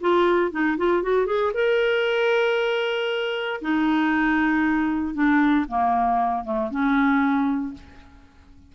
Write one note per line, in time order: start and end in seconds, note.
0.00 0.51 F4
0.51 0.77 D#4
0.77 1.02 F4
1.02 1.26 F#4
1.26 1.52 G#4
1.53 3.60 A#4
3.61 5.14 D#4
5.14 5.65 D4
5.68 6.44 A#3
6.44 6.70 A3
6.70 7.74 C#4